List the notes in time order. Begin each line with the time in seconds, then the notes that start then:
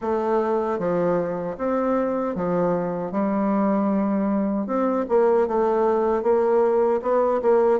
0.01 A3
0.78 F3
1.57 C4
2.35 F3
3.11 G3
4.66 C4
5.08 A#3
5.47 A3
6.23 A#3
7.01 B3
7.42 A#3